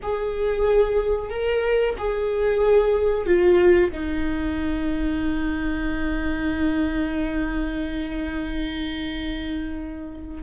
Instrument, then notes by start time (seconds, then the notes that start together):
viola
0.02 G#4
1.30 A#4
1.97 G#4
3.25 F4
3.91 D#4